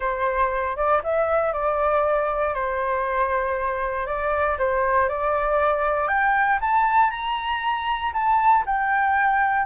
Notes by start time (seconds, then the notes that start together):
0.00 C5
0.76 D5
1.03 E5
1.53 D5
2.54 C5
4.06 D5
4.58 C5
5.08 D5
6.08 G5
6.60 A5
7.10 A#5
8.13 A5
8.66 G5